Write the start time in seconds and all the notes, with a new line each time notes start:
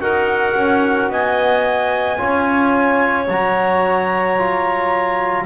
0.00 D#4 F#4 A#4 F#5
0.55 C#4
1.08 B3 D#5 G#5
2.17 C#4 F4 C#5
3.27 F#3 F#4 A#5
4.37 F4